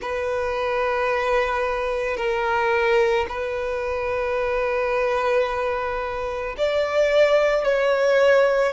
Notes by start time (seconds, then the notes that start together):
0.01 B4
2.17 A#4
3.28 B4
6.57 D5
7.64 C#5